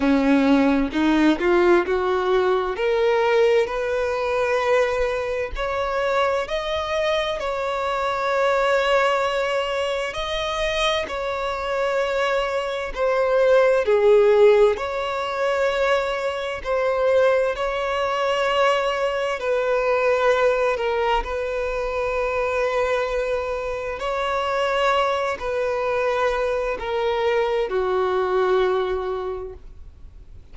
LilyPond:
\new Staff \with { instrumentName = "violin" } { \time 4/4 \tempo 4 = 65 cis'4 dis'8 f'8 fis'4 ais'4 | b'2 cis''4 dis''4 | cis''2. dis''4 | cis''2 c''4 gis'4 |
cis''2 c''4 cis''4~ | cis''4 b'4. ais'8 b'4~ | b'2 cis''4. b'8~ | b'4 ais'4 fis'2 | }